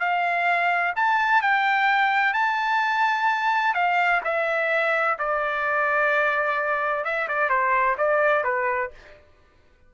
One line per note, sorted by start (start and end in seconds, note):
0.00 0.94 F5
0.96 1.42 A5
1.42 2.34 G5
2.34 3.75 A5
3.75 4.21 F5
4.24 5.18 E5
5.19 7.05 D5
7.05 7.28 E5
7.28 7.50 D5
7.50 7.97 C5
7.98 8.44 D5
8.44 8.91 B4